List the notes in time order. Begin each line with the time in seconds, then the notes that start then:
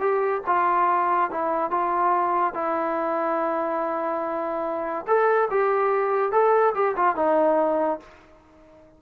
0.00 G4
0.47 F4
1.31 E4
1.71 F4
2.54 E4
5.08 A4
5.51 G4
6.32 A4
6.75 G4
6.97 F4
7.16 D#4